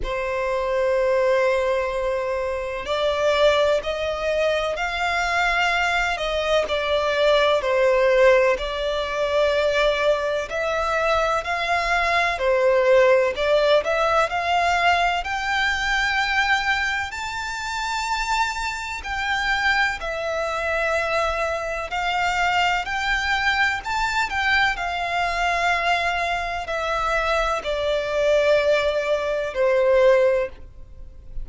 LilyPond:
\new Staff \with { instrumentName = "violin" } { \time 4/4 \tempo 4 = 63 c''2. d''4 | dis''4 f''4. dis''8 d''4 | c''4 d''2 e''4 | f''4 c''4 d''8 e''8 f''4 |
g''2 a''2 | g''4 e''2 f''4 | g''4 a''8 g''8 f''2 | e''4 d''2 c''4 | }